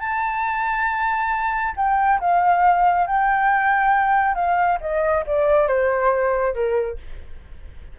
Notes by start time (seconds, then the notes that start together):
0.00 A5
1.77 G5
2.21 F5
3.07 G5
4.35 F5
4.81 D#5
5.27 D5
5.68 C5
6.55 A#4